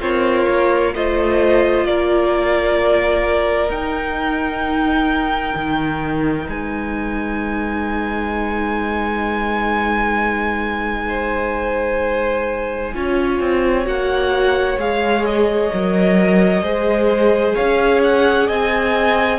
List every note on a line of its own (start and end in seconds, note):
0.00 0.46 C4
0.00 0.93 F4
0.00 0.93 A#4
0.00 0.94 C#5
0.49 0.95 A#3
0.93 1.85 A3
0.93 3.70 F4
0.93 1.87 C5
0.93 1.86 D#5
1.85 3.69 A#3
1.85 6.49 A#4
1.85 3.71 D5
3.69 5.54 D#4
3.69 12.94 D#4
3.69 6.47 G5
5.55 6.47 D#3
6.48 12.94 G#3
6.48 11.08 B4
6.48 13.87 G#5
11.08 12.93 C5
12.94 13.40 C#4
12.94 13.84 F4
12.94 16.63 C#5
13.40 13.87 C4
13.84 14.77 A#3
13.84 14.77 F#4
13.84 14.79 F#5
14.77 15.70 G#3
14.77 15.72 G#4
14.77 15.25 F5
15.25 17.55 D#5
15.73 16.62 F#3
15.73 16.63 A#4
16.62 17.54 G#3
16.62 19.39 G#4
16.62 17.55 C5
17.55 18.49 C#4
17.55 18.47 C#5
17.55 18.01 F5
18.03 18.49 F#5
18.47 19.39 C4
18.47 19.39 D#5
18.47 19.39 G#5